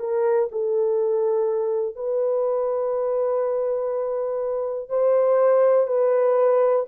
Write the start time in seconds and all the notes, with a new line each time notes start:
0.00 A#4
0.52 A4
1.96 B4
4.90 C5
5.87 B4